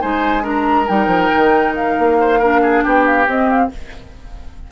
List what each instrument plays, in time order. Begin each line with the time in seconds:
0.00 bassoon G#3, clarinet D#4, oboe C5, flute G#5
0.42 clarinet D4, oboe A#4, flute A#5
0.87 bassoon G3, clarinet D#4, flute G5
1.06 bassoon F3
1.35 bassoon D#3
1.75 flute F5
1.98 bassoon A#3
2.19 oboe C5
2.38 clarinet D4, oboe A#4
2.62 oboe G#4
2.83 bassoon B3, oboe G4, flute G5
3.05 flute F5
3.26 bassoon C4, clarinet C4, flute D#5
3.49 flute F5